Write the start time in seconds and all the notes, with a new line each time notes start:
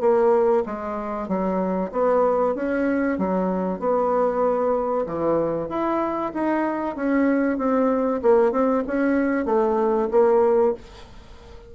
0.00 A#3
0.65 G#3
1.28 F#3
1.92 B3
2.55 C#4
3.18 F#3
3.79 B3
5.06 E3
5.69 E4
6.34 D#4
6.96 C#4
7.58 C4
8.22 A#3
8.52 C4
8.87 C#4
9.45 A3
10.11 A#3